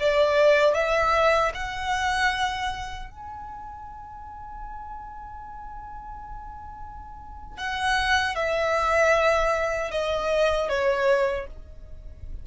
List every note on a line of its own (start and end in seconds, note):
0.00 0.74 D5
0.74 1.52 E5
1.54 3.10 F#5
3.10 7.57 G#5
7.57 8.35 F#5
8.35 9.91 E5
9.91 10.69 D#5
10.69 11.47 C#5